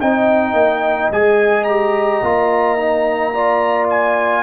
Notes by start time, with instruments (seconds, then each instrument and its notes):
0.00 tuba C4, trombone D#4, horn D#5, trumpet G5
0.53 tuba A#3
1.10 tuba G#3, trombone G#4, trumpet G#5
1.64 trombone G4, trumpet A#5
2.22 tuba A#3, trombone F4
2.78 trombone D#4
3.34 trombone F4, horn D5
3.90 trumpet G#5